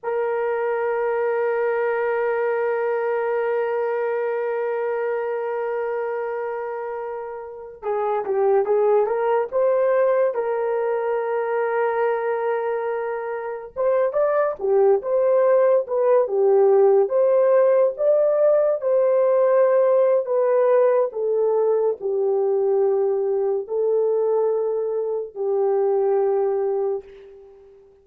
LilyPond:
\new Staff \with { instrumentName = "horn" } { \time 4/4 \tempo 4 = 71 ais'1~ | ais'1~ | ais'4~ ais'16 gis'8 g'8 gis'8 ais'8 c''8.~ | c''16 ais'2.~ ais'8.~ |
ais'16 c''8 d''8 g'8 c''4 b'8 g'8.~ | g'16 c''4 d''4 c''4.~ c''16 | b'4 a'4 g'2 | a'2 g'2 | }